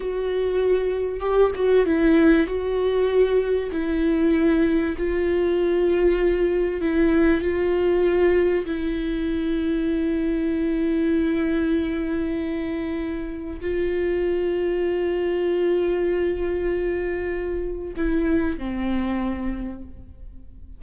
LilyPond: \new Staff \with { instrumentName = "viola" } { \time 4/4 \tempo 4 = 97 fis'2 g'8 fis'8 e'4 | fis'2 e'2 | f'2. e'4 | f'2 e'2~ |
e'1~ | e'2 f'2~ | f'1~ | f'4 e'4 c'2 | }